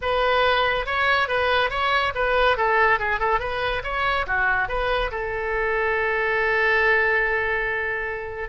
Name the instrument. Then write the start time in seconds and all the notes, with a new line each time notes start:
oboe
0.01 B4
0.85 C#5
1.28 B4
1.70 C#5
2.14 B4
2.57 A4
2.99 G#4
3.19 A4
3.39 B4
3.83 C#5
4.26 F#4
4.68 B4
5.11 A4